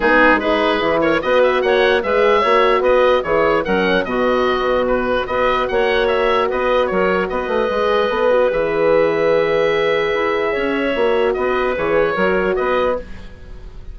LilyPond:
<<
  \new Staff \with { instrumentName = "oboe" } { \time 4/4 \tempo 4 = 148 gis'4 b'4. cis''8 dis''8 e''8 | fis''4 e''2 dis''4 | cis''4 fis''4 dis''2 | b'4 dis''4 fis''4 e''4 |
dis''4 cis''4 dis''2~ | dis''4 e''2.~ | e''1 | dis''4 cis''2 dis''4 | }
  \new Staff \with { instrumentName = "clarinet" } { \time 4/4 dis'4 gis'4. ais'8 b'4 | cis''4 b'4 cis''4 b'4 | gis'4 ais'4 fis'2~ | fis'4 b'4 cis''2 |
b'4 ais'4 b'2~ | b'1~ | b'2 cis''2 | b'2 ais'4 b'4 | }
  \new Staff \with { instrumentName = "horn" } { \time 4/4 b4 dis'4 e'4 fis'4~ | fis'4 gis'4 fis'2 | e'4 cis'4 b2~ | b4 fis'2.~ |
fis'2. gis'4 | a'8 fis'8 gis'2.~ | gis'2. fis'4~ | fis'4 gis'4 fis'2 | }
  \new Staff \with { instrumentName = "bassoon" } { \time 4/4 gis2 e4 b4 | ais4 gis4 ais4 b4 | e4 fis4 b,2~ | b,4 b4 ais2 |
b4 fis4 b8 a8 gis4 | b4 e2.~ | e4 e'4 cis'4 ais4 | b4 e4 fis4 b4 | }
>>